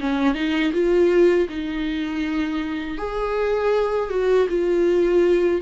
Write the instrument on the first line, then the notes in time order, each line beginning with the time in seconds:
viola
0.00 C#4
0.34 D#4
0.73 F4
1.49 D#4
2.98 G#4
4.10 F#4
4.49 F4